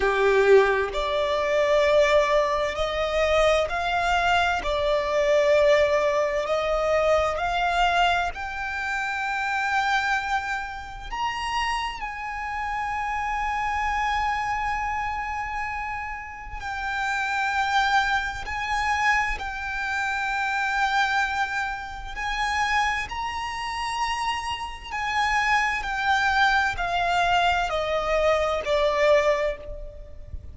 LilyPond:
\new Staff \with { instrumentName = "violin" } { \time 4/4 \tempo 4 = 65 g'4 d''2 dis''4 | f''4 d''2 dis''4 | f''4 g''2. | ais''4 gis''2.~ |
gis''2 g''2 | gis''4 g''2. | gis''4 ais''2 gis''4 | g''4 f''4 dis''4 d''4 | }